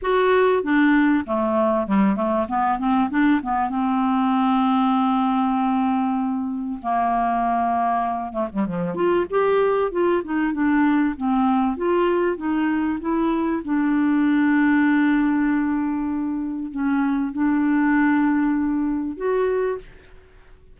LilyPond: \new Staff \with { instrumentName = "clarinet" } { \time 4/4 \tempo 4 = 97 fis'4 d'4 a4 g8 a8 | b8 c'8 d'8 b8 c'2~ | c'2. ais4~ | ais4. a16 g16 f8 f'8 g'4 |
f'8 dis'8 d'4 c'4 f'4 | dis'4 e'4 d'2~ | d'2. cis'4 | d'2. fis'4 | }